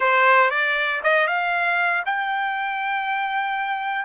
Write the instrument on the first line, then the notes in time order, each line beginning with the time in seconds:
trumpet
0.00 C5
0.50 D5
1.03 D#5
1.27 F5
2.05 G5